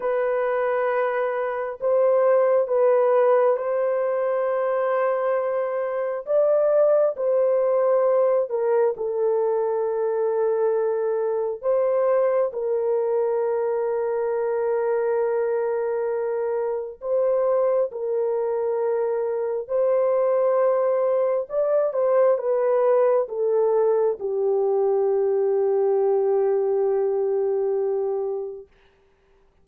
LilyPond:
\new Staff \with { instrumentName = "horn" } { \time 4/4 \tempo 4 = 67 b'2 c''4 b'4 | c''2. d''4 | c''4. ais'8 a'2~ | a'4 c''4 ais'2~ |
ais'2. c''4 | ais'2 c''2 | d''8 c''8 b'4 a'4 g'4~ | g'1 | }